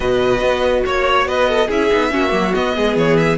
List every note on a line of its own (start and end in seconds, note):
0.00 0.41 B2
0.00 1.69 F#4
0.00 0.84 B4
0.00 0.85 D#5
0.41 0.83 B3
0.85 1.26 A#3
0.85 1.27 C#5
0.85 1.28 C#5
1.26 1.68 B3
1.26 1.49 B4
1.26 1.69 D#5
1.49 1.67 A4
1.67 1.90 C#4
1.67 1.90 E4
1.67 2.09 G#4
1.67 2.54 E5
1.90 2.13 B3
1.90 2.11 D#4
2.11 2.32 A#3
2.11 2.29 C#4
2.11 2.75 F#4
2.29 2.53 F#3
2.29 2.51 A#3
2.54 3.37 B3
2.54 2.76 B3
2.54 2.96 D#5
2.75 2.96 G#3
2.75 3.37 G#4
2.96 3.37 E3
2.96 3.17 C#5
3.17 3.37 E5